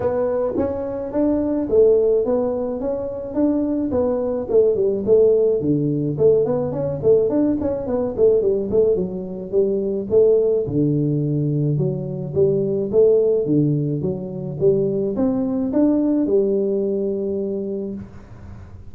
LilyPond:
\new Staff \with { instrumentName = "tuba" } { \time 4/4 \tempo 4 = 107 b4 cis'4 d'4 a4 | b4 cis'4 d'4 b4 | a8 g8 a4 d4 a8 b8 | cis'8 a8 d'8 cis'8 b8 a8 g8 a8 |
fis4 g4 a4 d4~ | d4 fis4 g4 a4 | d4 fis4 g4 c'4 | d'4 g2. | }